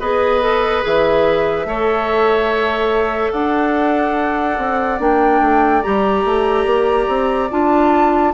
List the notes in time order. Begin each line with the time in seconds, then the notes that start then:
0.00 B3 G#4 B4 D#5
0.41 A4
0.82 E3 G#4 E5
1.65 A3 A4 C#5
3.32 D4 D5 F#5
4.58 C4
4.99 A#3 D4 G5
5.41 A3
5.83 G3 G4 A#5
6.25 A3
6.65 A#3
7.08 C4
7.50 D4 F4 A5